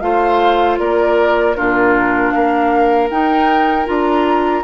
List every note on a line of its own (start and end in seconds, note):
0.00 0.78 A3
0.00 1.55 F4
0.00 0.79 C5
0.00 0.77 F5
0.79 1.56 A#3
0.79 1.56 A#4
0.79 1.54 D5
1.54 2.35 A#2
1.54 3.09 D4
1.54 2.33 F4
1.54 2.31 A#4
2.31 3.10 A#3
2.31 4.63 A#4
2.31 3.08 F5
3.10 3.87 D#4
3.10 3.85 D#4
3.10 3.87 G5
3.85 4.63 D4
3.85 4.62 F4
3.85 4.63 A#5